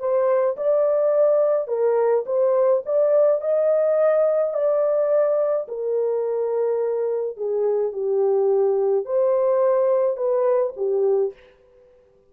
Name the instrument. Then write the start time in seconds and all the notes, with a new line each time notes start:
horn
0.00 C5
0.57 D5
1.68 A#4
2.26 C5
2.86 D5
3.42 D#5
4.54 D5
5.69 A#4
7.37 G#4
7.93 G4
9.06 C5
10.17 B4
10.77 G4